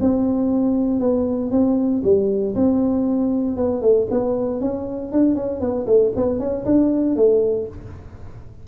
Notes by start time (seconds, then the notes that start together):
0.00 C4
1.00 B3
1.51 C4
2.03 G3
2.55 C4
3.56 B3
3.81 A3
4.10 B3
4.61 C#4
5.12 D4
5.35 C#4
5.60 B3
5.86 A3
6.16 B3
6.39 C#4
6.65 D4
7.16 A3